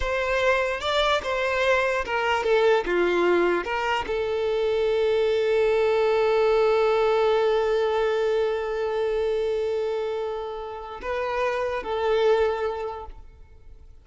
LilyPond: \new Staff \with { instrumentName = "violin" } { \time 4/4 \tempo 4 = 147 c''2 d''4 c''4~ | c''4 ais'4 a'4 f'4~ | f'4 ais'4 a'2~ | a'1~ |
a'1~ | a'1~ | a'2. b'4~ | b'4 a'2. | }